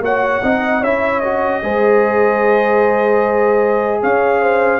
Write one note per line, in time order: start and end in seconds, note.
0.00 0.40 A#3
0.00 0.42 F#4
0.00 0.43 C#5
0.00 0.84 F#5
0.43 0.83 C4
0.43 0.83 D#4
0.43 0.81 D#5
0.81 1.63 C#4
0.81 1.23 E4
0.81 1.61 C#5
0.81 1.20 E5
1.20 1.62 F#4
1.20 4.00 D#5
1.62 4.03 G#3
1.62 4.80 G#4
1.62 4.02 C5
4.02 4.80 C#4
4.02 4.41 C#5
4.02 4.80 F5
4.41 4.80 C5